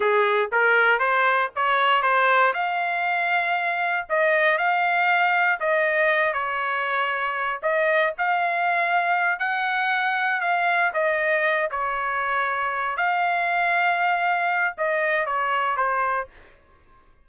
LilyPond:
\new Staff \with { instrumentName = "trumpet" } { \time 4/4 \tempo 4 = 118 gis'4 ais'4 c''4 cis''4 | c''4 f''2. | dis''4 f''2 dis''4~ | dis''8 cis''2~ cis''8 dis''4 |
f''2~ f''8 fis''4.~ | fis''8 f''4 dis''4. cis''4~ | cis''4. f''2~ f''8~ | f''4 dis''4 cis''4 c''4 | }